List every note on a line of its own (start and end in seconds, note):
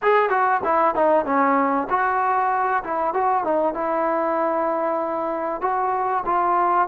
0.02 0.29 G#4
0.29 0.61 F#4
0.64 0.94 E4
0.94 1.25 D#4
1.25 1.87 C#4
1.89 2.83 F#4
2.83 3.13 E4
3.13 3.44 F#4
3.44 3.74 D#4
3.74 5.61 E4
5.61 6.23 F#4
6.25 6.88 F4